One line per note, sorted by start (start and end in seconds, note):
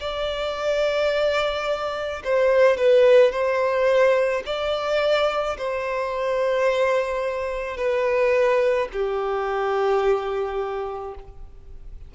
0.00 2.22 D5
2.24 2.77 C5
2.77 3.31 B4
3.31 4.42 C5
4.45 5.57 D5
5.58 7.77 C5
7.77 8.88 B4
8.92 11.14 G4